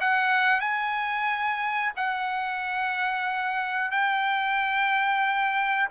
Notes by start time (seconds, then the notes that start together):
0.00 F#5
0.60 G#5
1.96 F#5
3.91 G5